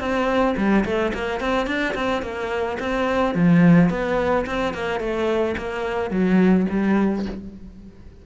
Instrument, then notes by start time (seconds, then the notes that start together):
cello
0.00 C4
0.57 G3
0.85 A3
1.14 A#3
1.41 C4
1.67 D4
1.95 C4
2.23 A#3
2.80 C4
3.35 F3
3.90 B3
4.46 C4
4.74 A#3
5.00 A3
5.58 A#3
6.11 F#3
6.70 G3